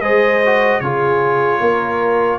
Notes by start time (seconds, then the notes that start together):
0.00 G#3 G#4 C5 D#5
0.45 F#4
0.80 C#3 F4 G#4 C#5
1.59 A#3 A#4